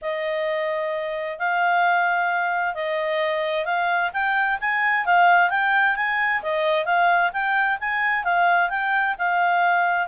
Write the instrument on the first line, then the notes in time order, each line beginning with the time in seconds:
clarinet
0.01 D#5
1.38 F5
2.74 D#5
3.65 F5
4.13 G5
4.60 G#5
5.05 F5
5.50 G5
5.96 G#5
6.42 D#5
6.85 F5
7.32 G5
7.80 G#5
8.23 F5
8.69 G5
9.18 F5